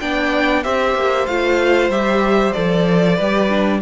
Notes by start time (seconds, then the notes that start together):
0.00 B3 D4 D5 G5
0.64 C4 G4 C5 E5
0.95 A#3
1.26 A3 F4 F5
1.89 G3 G4 E5
2.53 F3 A4 D5
3.16 G3 B4
3.22 G4
3.49 D4